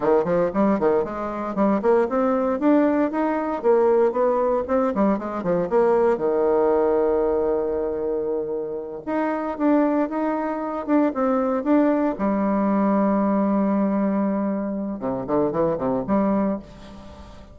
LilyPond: \new Staff \with { instrumentName = "bassoon" } { \time 4/4 \tempo 4 = 116 dis8 f8 g8 dis8 gis4 g8 ais8 | c'4 d'4 dis'4 ais4 | b4 c'8 g8 gis8 f8 ais4 | dis1~ |
dis4. dis'4 d'4 dis'8~ | dis'4 d'8 c'4 d'4 g8~ | g1~ | g4 c8 d8 e8 c8 g4 | }